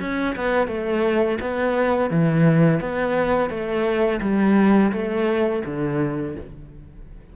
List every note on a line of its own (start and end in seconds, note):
0.00 0.35 C#4
0.36 0.67 B3
0.67 1.38 A3
1.41 2.10 B3
2.10 2.80 E3
2.80 3.50 B3
3.50 4.20 A3
4.21 4.92 G3
4.92 5.62 A3
5.65 6.36 D3